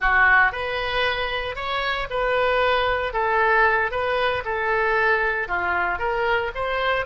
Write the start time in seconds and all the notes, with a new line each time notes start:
0.00 F#4
0.52 B4
1.55 C#5
2.10 B4
3.13 A4
3.91 B4
4.44 A4
5.48 F4
5.99 A#4
6.55 C5